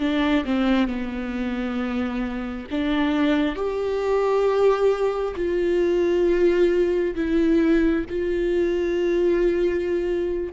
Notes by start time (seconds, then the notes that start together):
0.00 D4
0.45 C4
0.88 B3
2.71 D4
3.56 G4
5.36 F4
7.16 E4
8.10 F4